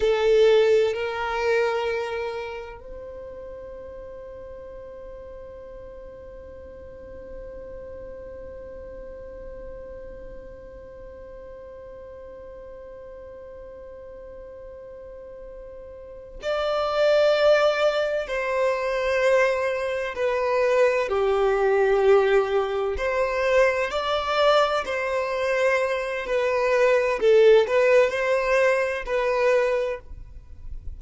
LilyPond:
\new Staff \with { instrumentName = "violin" } { \time 4/4 \tempo 4 = 64 a'4 ais'2 c''4~ | c''1~ | c''1~ | c''1~ |
c''4. d''2 c''8~ | c''4. b'4 g'4.~ | g'8 c''4 d''4 c''4. | b'4 a'8 b'8 c''4 b'4 | }